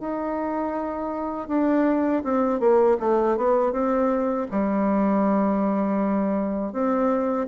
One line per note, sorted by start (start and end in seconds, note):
0.00 1.48 D#4
1.48 2.23 D4
2.24 2.60 C4
2.60 2.97 A#3
3.00 3.37 A3
3.37 3.72 B3
3.72 4.47 C4
4.51 6.73 G3
6.73 7.48 C4